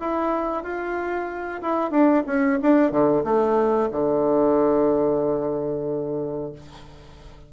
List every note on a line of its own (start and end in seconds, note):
0.00 0.63 E4
0.63 1.61 F4
1.61 1.91 E4
1.91 2.23 D4
2.26 2.59 C#4
2.62 2.91 D4
2.91 3.23 D3
3.24 3.89 A3
3.92 6.52 D3